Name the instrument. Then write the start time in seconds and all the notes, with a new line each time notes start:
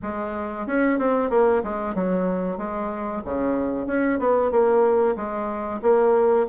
bassoon
0.02 G#3
0.66 C#4
0.99 C4
1.30 A#3
1.63 G#3
1.94 F#3
2.57 G#3
3.25 C#3
3.87 C#4
4.19 B3
4.51 A#3
5.16 G#3
5.82 A#3